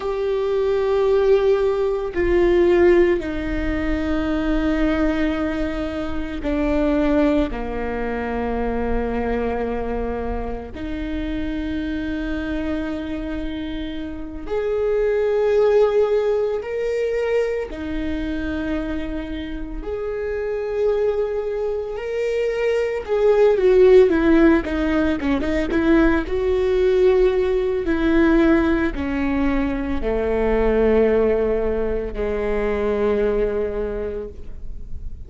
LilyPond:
\new Staff \with { instrumentName = "viola" } { \time 4/4 \tempo 4 = 56 g'2 f'4 dis'4~ | dis'2 d'4 ais4~ | ais2 dis'2~ | dis'4. gis'2 ais'8~ |
ais'8 dis'2 gis'4.~ | gis'8 ais'4 gis'8 fis'8 e'8 dis'8 cis'16 dis'16 | e'8 fis'4. e'4 cis'4 | a2 gis2 | }